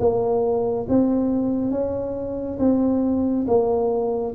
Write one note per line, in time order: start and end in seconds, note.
0.00 0.87 A#3
0.89 1.72 C4
1.72 2.58 C#4
2.59 3.46 C4
3.48 4.35 A#3